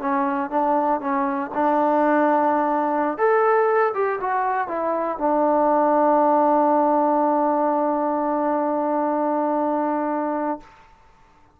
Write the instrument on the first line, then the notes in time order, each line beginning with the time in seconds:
trombone
0.00 C#4
0.50 D4
1.00 C#4
1.54 D4
3.18 A4
3.94 G4
4.20 F#4
4.68 E4
5.18 D4